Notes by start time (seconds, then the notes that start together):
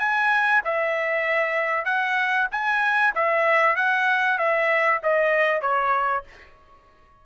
0.00 G#5
0.65 E5
1.86 F#5
2.52 G#5
3.16 E5
3.76 F#5
4.38 E5
5.03 D#5
5.62 C#5